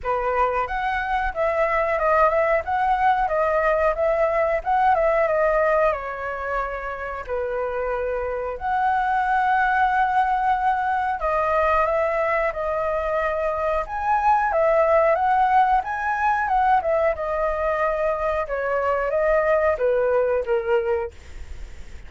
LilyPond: \new Staff \with { instrumentName = "flute" } { \time 4/4 \tempo 4 = 91 b'4 fis''4 e''4 dis''8 e''8 | fis''4 dis''4 e''4 fis''8 e''8 | dis''4 cis''2 b'4~ | b'4 fis''2.~ |
fis''4 dis''4 e''4 dis''4~ | dis''4 gis''4 e''4 fis''4 | gis''4 fis''8 e''8 dis''2 | cis''4 dis''4 b'4 ais'4 | }